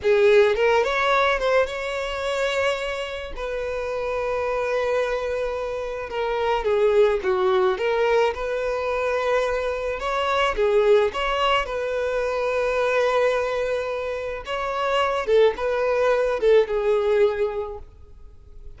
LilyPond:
\new Staff \with { instrumentName = "violin" } { \time 4/4 \tempo 4 = 108 gis'4 ais'8 cis''4 c''8 cis''4~ | cis''2 b'2~ | b'2. ais'4 | gis'4 fis'4 ais'4 b'4~ |
b'2 cis''4 gis'4 | cis''4 b'2.~ | b'2 cis''4. a'8 | b'4. a'8 gis'2 | }